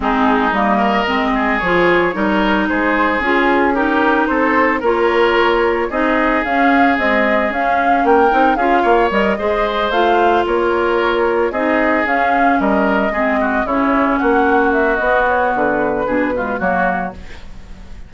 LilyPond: <<
  \new Staff \with { instrumentName = "flute" } { \time 4/4 \tempo 4 = 112 gis'4 dis''2 cis''4~ | cis''4 c''4 gis'4 ais'4 | c''4 cis''2 dis''4 | f''4 dis''4 f''4 g''4 |
f''4 dis''4. f''4 cis''8~ | cis''4. dis''4 f''4 dis''8~ | dis''4. cis''4 fis''4 e''8 | dis''8 cis''8 b'2 cis''4 | }
  \new Staff \with { instrumentName = "oboe" } { \time 4/4 dis'4. ais'4 gis'4. | ais'4 gis'2 g'4 | a'4 ais'2 gis'4~ | gis'2. ais'4 |
gis'8 cis''4 c''2 ais'8~ | ais'4. gis'2 ais'8~ | ais'8 gis'8 fis'8 e'4 fis'4.~ | fis'2 gis'8 f'8 fis'4 | }
  \new Staff \with { instrumentName = "clarinet" } { \time 4/4 c'4 ais4 c'4 f'4 | dis'2 f'4 dis'4~ | dis'4 f'2 dis'4 | cis'4 gis4 cis'4. dis'8 |
f'4 ais'8 gis'4 f'4.~ | f'4. dis'4 cis'4.~ | cis'8 c'4 cis'2~ cis'8 | b2 d'8 gis8 ais4 | }
  \new Staff \with { instrumentName = "bassoon" } { \time 4/4 gis4 g4 gis4 f4 | g4 gis4 cis'2 | c'4 ais2 c'4 | cis'4 c'4 cis'4 ais8 c'8 |
cis'8 ais8 g8 gis4 a4 ais8~ | ais4. c'4 cis'4 g8~ | g8 gis4 cis4 ais4. | b4 d4 b,4 fis4 | }
>>